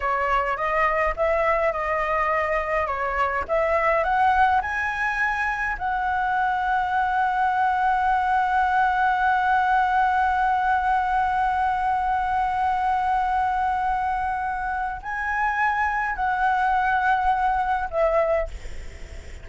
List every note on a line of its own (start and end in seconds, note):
0.00 0.56 C#5
0.56 1.14 D#5
1.16 1.72 E5
1.72 2.86 D#5
2.86 3.44 C#5
3.47 4.03 E5
4.03 4.61 F#5
4.61 5.77 G#5
5.78 15.01 F#5
15.02 16.15 G#5
16.15 17.88 F#5
17.90 18.48 E5